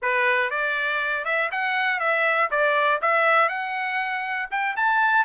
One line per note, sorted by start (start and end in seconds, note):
0.02 0.50 B4
0.50 1.24 D5
1.24 1.49 E5
1.51 1.99 F#5
1.99 2.49 E5
2.50 3.00 D5
3.01 3.49 E5
3.49 4.49 F#5
4.50 4.75 G5
4.76 5.24 A5